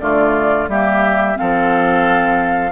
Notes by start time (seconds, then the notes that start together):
0.00 D3 A3 F4 D5
0.68 G3 A#3 G4 E5
1.35 C4 A4 F5
1.41 F3